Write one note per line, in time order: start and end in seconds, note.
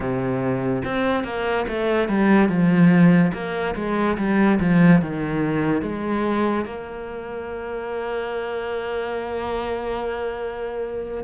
0.00 0.82 C3
0.84 1.24 C4
1.24 1.66 A#3
1.67 2.08 A3
2.08 2.48 G3
2.48 3.31 F3
3.33 3.74 A#3
3.75 4.17 G#3
4.17 4.59 G3
4.60 5.01 F3
5.01 5.81 D#3
5.81 6.65 G#3
6.65 11.23 A#3